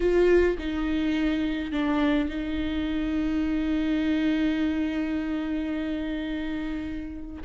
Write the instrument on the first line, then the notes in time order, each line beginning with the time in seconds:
viola
0.00 F4
0.58 D#4
1.71 D4
2.29 D#4